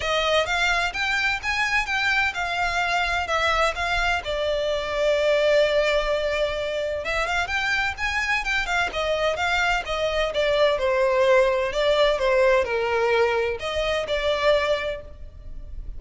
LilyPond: \new Staff \with { instrumentName = "violin" } { \time 4/4 \tempo 4 = 128 dis''4 f''4 g''4 gis''4 | g''4 f''2 e''4 | f''4 d''2.~ | d''2. e''8 f''8 |
g''4 gis''4 g''8 f''8 dis''4 | f''4 dis''4 d''4 c''4~ | c''4 d''4 c''4 ais'4~ | ais'4 dis''4 d''2 | }